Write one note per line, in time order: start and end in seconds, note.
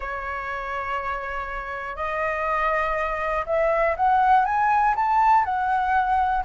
0.00 1.96 C#5
1.96 3.45 D#5
3.46 3.95 E5
3.96 4.45 F#5
4.45 4.95 G#5
4.95 5.44 A5
5.44 6.43 F#5